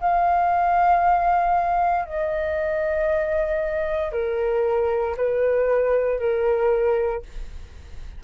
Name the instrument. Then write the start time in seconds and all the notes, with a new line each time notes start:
flute
0.00 F5
2.05 D#5
4.12 A#4
5.17 B4
6.19 A#4